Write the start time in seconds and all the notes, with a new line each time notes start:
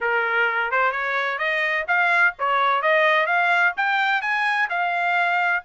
0.00 A#4
0.71 C5
0.91 C#5
1.38 D#5
1.87 F5
2.38 C#5
2.81 D#5
3.26 F5
3.76 G5
4.21 G#5
4.69 F5